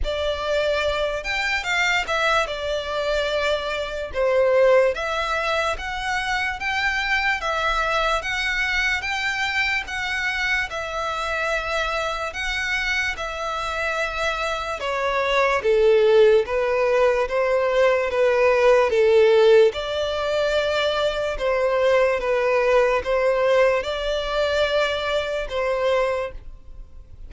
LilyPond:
\new Staff \with { instrumentName = "violin" } { \time 4/4 \tempo 4 = 73 d''4. g''8 f''8 e''8 d''4~ | d''4 c''4 e''4 fis''4 | g''4 e''4 fis''4 g''4 | fis''4 e''2 fis''4 |
e''2 cis''4 a'4 | b'4 c''4 b'4 a'4 | d''2 c''4 b'4 | c''4 d''2 c''4 | }